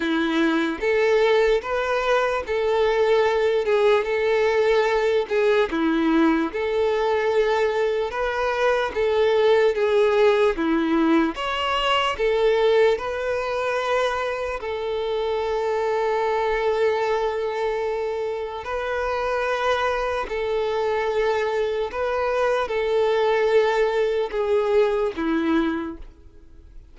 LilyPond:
\new Staff \with { instrumentName = "violin" } { \time 4/4 \tempo 4 = 74 e'4 a'4 b'4 a'4~ | a'8 gis'8 a'4. gis'8 e'4 | a'2 b'4 a'4 | gis'4 e'4 cis''4 a'4 |
b'2 a'2~ | a'2. b'4~ | b'4 a'2 b'4 | a'2 gis'4 e'4 | }